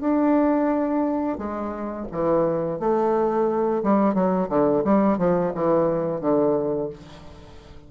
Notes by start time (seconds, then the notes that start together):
0.00 D4
1.38 G#3
2.11 E3
2.79 A3
3.83 G3
4.14 F#3
4.49 D3
4.84 G3
5.18 F3
5.55 E3
6.20 D3